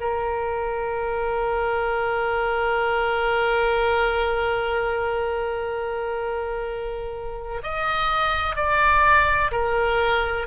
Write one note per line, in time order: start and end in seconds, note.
0.00 7.62 A#4
7.63 8.56 D#5
8.56 9.52 D5
9.52 10.47 A#4